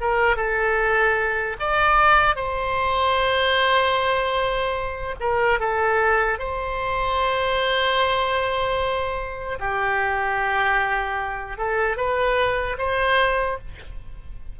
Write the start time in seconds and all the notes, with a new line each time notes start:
0.00 A#4
0.36 A4
1.59 D5
2.35 C5
5.20 A#4
5.59 A4
6.39 C5
9.60 G4
11.57 A4
11.96 B4
12.78 C5